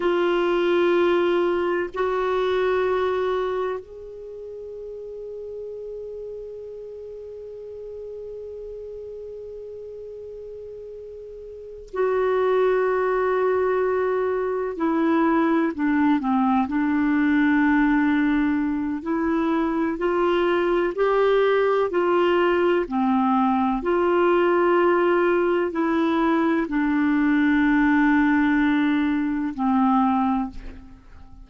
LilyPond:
\new Staff \with { instrumentName = "clarinet" } { \time 4/4 \tempo 4 = 63 f'2 fis'2 | gis'1~ | gis'1~ | gis'8 fis'2. e'8~ |
e'8 d'8 c'8 d'2~ d'8 | e'4 f'4 g'4 f'4 | c'4 f'2 e'4 | d'2. c'4 | }